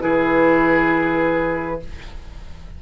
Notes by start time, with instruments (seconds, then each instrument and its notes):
0.00 bassoon E3, clarinet E4, oboe G#4, flute B4